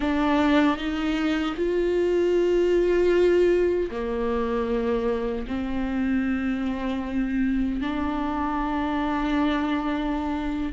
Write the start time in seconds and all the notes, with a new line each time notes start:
0.00 D4
0.77 D#4
1.56 F4
3.90 A#3
5.47 C4
7.80 D4